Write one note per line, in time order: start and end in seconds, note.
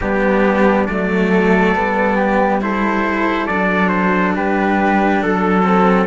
0.01 0.89 G3
0.01 0.88 B3
0.01 1.29 D4
0.01 0.87 G4
0.87 1.76 F#3
0.87 1.75 A3
0.87 2.61 D5
1.29 2.16 A4
1.75 3.49 G3
1.75 2.61 B3
2.16 2.59 G4
2.61 3.48 E4
2.61 4.36 A4
2.61 3.46 C5
3.46 4.36 F#3
3.46 5.62 D4
3.46 3.89 D5
3.89 4.32 C5
4.36 5.22 G3
4.36 5.23 G4
4.36 5.22 B4
5.22 6.07 F#3
5.22 6.07 A4
5.62 6.06 C4